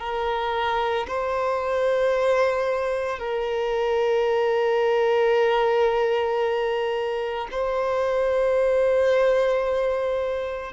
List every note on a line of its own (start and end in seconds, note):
0.00 1.07 A#4
1.08 3.19 C5
3.19 7.48 A#4
7.52 10.73 C5